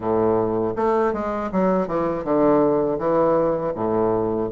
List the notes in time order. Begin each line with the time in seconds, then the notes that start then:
0.00 A2
0.76 A3
1.12 G#3
1.52 F#3
1.87 E3
2.24 D3
2.98 E3
3.75 A2